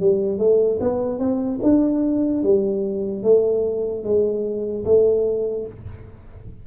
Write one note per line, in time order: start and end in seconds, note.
0.00 0.38 G3
0.38 0.79 A3
0.80 1.19 B3
1.19 1.60 C4
1.63 2.43 D4
2.43 3.23 G3
3.23 4.04 A3
4.04 4.85 G#3
4.85 5.66 A3